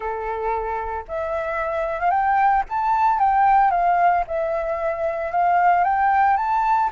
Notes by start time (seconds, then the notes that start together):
0.00 A4
1.08 E5
2.00 F5
2.10 G5
2.69 A5
3.19 G5
3.70 F5
4.27 E5
5.31 F5
5.84 G5
6.36 A5